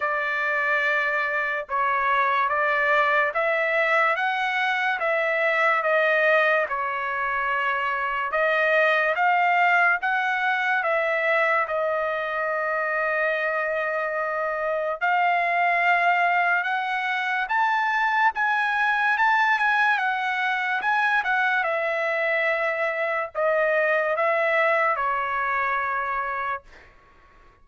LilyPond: \new Staff \with { instrumentName = "trumpet" } { \time 4/4 \tempo 4 = 72 d''2 cis''4 d''4 | e''4 fis''4 e''4 dis''4 | cis''2 dis''4 f''4 | fis''4 e''4 dis''2~ |
dis''2 f''2 | fis''4 a''4 gis''4 a''8 gis''8 | fis''4 gis''8 fis''8 e''2 | dis''4 e''4 cis''2 | }